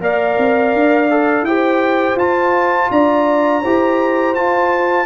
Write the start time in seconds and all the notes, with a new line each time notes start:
0.00 A#3 A#4 D5 F5
0.38 C4
0.74 D4
1.10 A4
1.42 E4 G4 C5 G5
2.16 F4 A5
2.91 D4 D5 A#5
3.62 E4 G4 C5
4.34 F4 A5